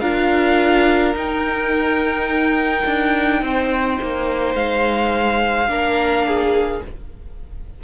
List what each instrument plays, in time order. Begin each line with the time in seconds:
0.00 cello D4, viola F4, violin A#4 F5
1.14 cello D#4, viola D#4, violin G5
2.86 cello D4
3.42 cello C4, violin C5
4.02 cello A#3
4.55 cello G#3, violin F5
5.68 cello A#3, viola D4, violin A#4
6.27 violin G#4